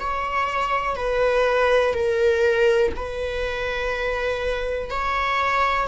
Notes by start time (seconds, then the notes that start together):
0.00 C#5
0.96 B4
1.94 A#4
2.96 B4
4.90 C#5